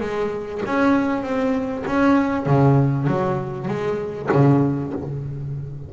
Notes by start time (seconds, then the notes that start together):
0.00 G#3
0.65 C#4
1.22 C4
1.86 C#4
2.45 C#3
3.07 F#3
3.68 G#3
4.32 C#3